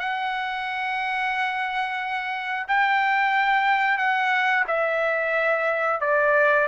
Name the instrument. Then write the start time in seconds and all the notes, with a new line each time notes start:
trumpet
0.00 F#5
2.68 G5
3.98 F#5
4.68 E5
6.01 D5